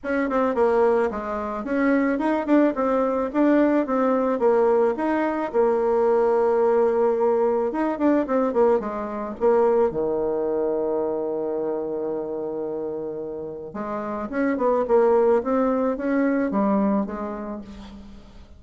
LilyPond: \new Staff \with { instrumentName = "bassoon" } { \time 4/4 \tempo 4 = 109 cis'8 c'8 ais4 gis4 cis'4 | dis'8 d'8 c'4 d'4 c'4 | ais4 dis'4 ais2~ | ais2 dis'8 d'8 c'8 ais8 |
gis4 ais4 dis2~ | dis1~ | dis4 gis4 cis'8 b8 ais4 | c'4 cis'4 g4 gis4 | }